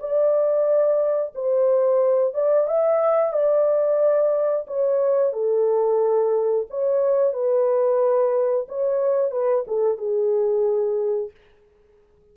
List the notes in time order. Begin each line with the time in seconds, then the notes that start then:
0.00 D5
1.35 C5
2.35 D5
2.68 E5
3.33 D5
4.68 C#5
5.33 A4
6.71 C#5
7.34 B4
8.69 C#5
9.32 B4
9.68 A4
9.98 G#4